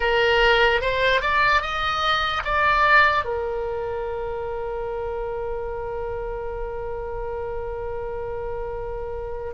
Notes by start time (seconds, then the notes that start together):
0.00 A#4
0.81 C5
1.21 D5
1.61 D#5
2.44 D5
3.24 A#4